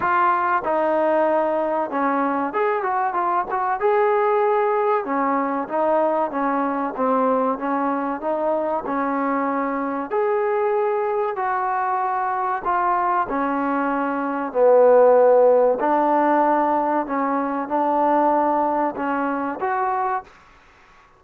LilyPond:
\new Staff \with { instrumentName = "trombone" } { \time 4/4 \tempo 4 = 95 f'4 dis'2 cis'4 | gis'8 fis'8 f'8 fis'8 gis'2 | cis'4 dis'4 cis'4 c'4 | cis'4 dis'4 cis'2 |
gis'2 fis'2 | f'4 cis'2 b4~ | b4 d'2 cis'4 | d'2 cis'4 fis'4 | }